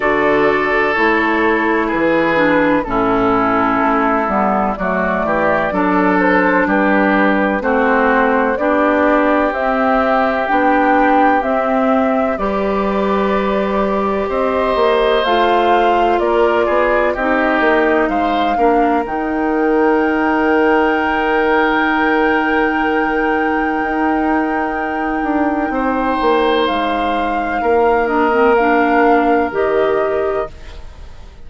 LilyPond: <<
  \new Staff \with { instrumentName = "flute" } { \time 4/4 \tempo 4 = 63 d''4 cis''4 b'4 a'4~ | a'4 d''4. c''8 b'4 | c''4 d''4 e''4 g''4 | e''4 d''2 dis''4 |
f''4 d''4 dis''4 f''4 | g''1~ | g''1 | f''4. dis''8 f''4 dis''4 | }
  \new Staff \with { instrumentName = "oboe" } { \time 4/4 a'2 gis'4 e'4~ | e'4 fis'8 g'8 a'4 g'4 | fis'4 g'2.~ | g'4 b'2 c''4~ |
c''4 ais'8 gis'8 g'4 c''8 ais'8~ | ais'1~ | ais'2. c''4~ | c''4 ais'2. | }
  \new Staff \with { instrumentName = "clarinet" } { \time 4/4 fis'4 e'4. d'8 cis'4~ | cis'8 b8 a4 d'2 | c'4 d'4 c'4 d'4 | c'4 g'2. |
f'2 dis'4. d'8 | dis'1~ | dis'1~ | dis'4. d'16 c'16 d'4 g'4 | }
  \new Staff \with { instrumentName = "bassoon" } { \time 4/4 d4 a4 e4 a,4 | a8 g8 fis8 e8 fis4 g4 | a4 b4 c'4 b4 | c'4 g2 c'8 ais8 |
a4 ais8 b8 c'8 ais8 gis8 ais8 | dis1~ | dis4 dis'4. d'8 c'8 ais8 | gis4 ais2 dis4 | }
>>